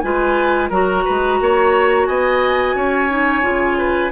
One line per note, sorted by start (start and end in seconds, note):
0.00 0.71 G#3
0.00 0.72 F4
0.00 0.70 B4
0.00 0.68 G#5
0.70 1.05 F#3
0.70 3.10 F#4
0.70 1.04 A#4
0.70 2.07 A#5
1.05 1.41 G#3
1.05 1.39 B4
1.41 2.08 A#3
1.41 2.08 C#5
2.07 2.75 B3
2.07 2.76 D#5
2.07 4.12 G#5
2.75 3.43 C#4
2.75 3.78 C#5
3.10 3.42 D#4
3.42 4.12 C#3
3.42 4.11 F4
3.78 4.12 B4